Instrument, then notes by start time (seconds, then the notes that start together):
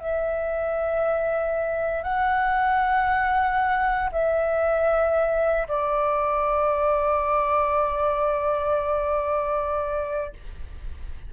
flute
0.00 E5
2.04 F#5
4.12 E5
5.68 D5